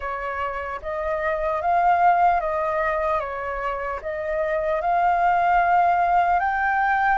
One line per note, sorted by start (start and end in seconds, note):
0.00 0.80 C#5
0.82 1.61 D#5
1.61 2.40 F5
2.40 3.20 D#5
3.20 4.00 C#5
4.02 4.81 D#5
4.81 6.39 F5
6.39 7.18 G5